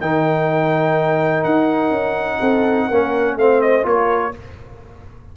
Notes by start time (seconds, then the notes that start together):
0.00 D#3 D#4 A#4 G5
1.43 D#4 F#5
1.90 C#4
2.38 C4 A4
2.87 A#3 C#4 A#4
3.36 A3 C4 C5 F5
3.61 D#5
3.83 A#3 F4 A#4 C#5